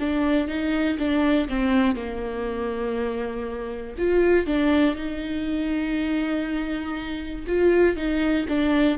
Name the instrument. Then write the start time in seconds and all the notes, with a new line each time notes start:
viola
0.00 D4
0.48 D#4
0.98 D4
1.49 C4
1.96 A#3
3.98 F4
4.47 D4
4.95 D#4
7.48 F4
7.97 D#4
8.49 D4